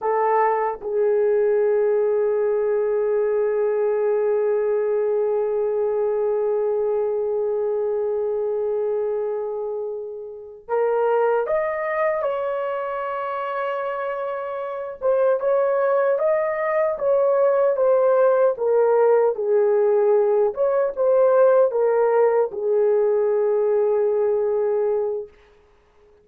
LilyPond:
\new Staff \with { instrumentName = "horn" } { \time 4/4 \tempo 4 = 76 a'4 gis'2.~ | gis'1~ | gis'1~ | gis'4. ais'4 dis''4 cis''8~ |
cis''2. c''8 cis''8~ | cis''8 dis''4 cis''4 c''4 ais'8~ | ais'8 gis'4. cis''8 c''4 ais'8~ | ais'8 gis'2.~ gis'8 | }